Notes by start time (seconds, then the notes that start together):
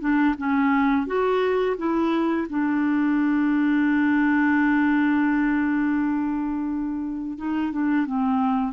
0.00 D4
0.37 C#4
1.07 F#4
1.77 E4
2.49 D4
7.38 D#4
7.72 D4
8.06 C4